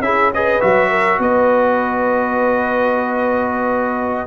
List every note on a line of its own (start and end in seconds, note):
0.00 0.59 C#4
0.00 0.32 E4
0.00 0.33 G#4
0.00 0.31 E5
0.33 0.60 G#4
0.33 0.90 B4
0.33 0.61 D#5
0.60 1.19 F#3
0.60 4.26 F#4
0.60 1.19 E5
0.90 1.19 A#4
1.19 4.26 B3
1.19 4.26 B4
1.19 4.26 D#5